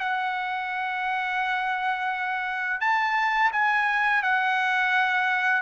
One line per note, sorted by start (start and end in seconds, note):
0.00 2.81 F#5
2.81 3.51 A5
3.53 4.23 G#5
4.23 5.62 F#5